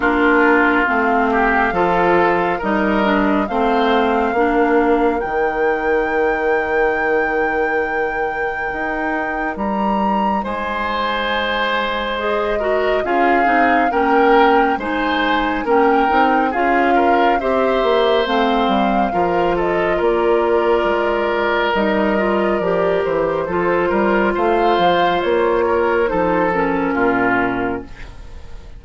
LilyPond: <<
  \new Staff \with { instrumentName = "flute" } { \time 4/4 \tempo 4 = 69 ais'4 f''2 dis''4 | f''2 g''2~ | g''2. ais''4 | gis''2 dis''4 f''4 |
g''4 gis''4 g''4 f''4 | e''4 f''4. dis''8 d''4~ | d''4 dis''4 d''8 c''4. | f''4 cis''4 c''8 ais'4. | }
  \new Staff \with { instrumentName = "oboe" } { \time 4/4 f'4. g'8 a'4 ais'4 | c''4 ais'2.~ | ais'1 | c''2~ c''8 ais'8 gis'4 |
ais'4 c''4 ais'4 gis'8 ais'8 | c''2 ais'8 a'8 ais'4~ | ais'2. a'8 ais'8 | c''4. ais'8 a'4 f'4 | }
  \new Staff \with { instrumentName = "clarinet" } { \time 4/4 d'4 c'4 f'4 dis'8 d'8 | c'4 d'4 dis'2~ | dis'1~ | dis'2 gis'8 fis'8 f'8 dis'8 |
cis'4 dis'4 cis'8 dis'8 f'4 | g'4 c'4 f'2~ | f'4 dis'8 f'8 g'4 f'4~ | f'2 dis'8 cis'4. | }
  \new Staff \with { instrumentName = "bassoon" } { \time 4/4 ais4 a4 f4 g4 | a4 ais4 dis2~ | dis2 dis'4 g4 | gis2. cis'8 c'8 |
ais4 gis4 ais8 c'8 cis'4 | c'8 ais8 a8 g8 f4 ais4 | gis4 g4 f8 e8 f8 g8 | a8 f8 ais4 f4 ais,4 | }
>>